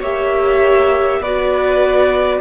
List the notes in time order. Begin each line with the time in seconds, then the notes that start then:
0.00 A#3 G4 C#5 E5
1.20 B3 F#4 B4 D5